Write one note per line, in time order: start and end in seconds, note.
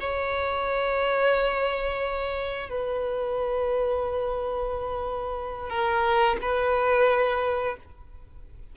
0.00 2.69 C#5
2.69 5.69 B4
5.69 6.37 A#4
6.41 7.76 B4